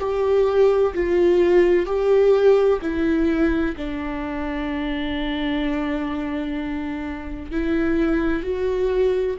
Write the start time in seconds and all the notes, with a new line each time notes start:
0.00 G4
0.94 F4
1.86 G4
2.82 E4
3.77 D4
7.51 E4
8.43 F#4